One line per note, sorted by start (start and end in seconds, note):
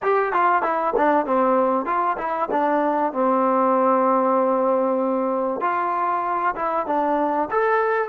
0.02 0.32 G4
0.32 0.62 F4
0.62 0.93 E4
0.96 1.26 D4
1.26 1.85 C4
1.85 2.16 F4
2.17 2.49 E4
2.51 3.12 D4
3.12 5.61 C4
5.61 6.54 F4
6.55 6.86 E4
6.86 7.49 D4
7.50 8.09 A4